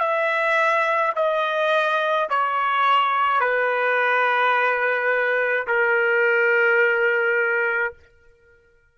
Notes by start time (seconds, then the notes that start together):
0.00 E5
1.16 D#5
2.30 C#5
3.41 B4
5.68 A#4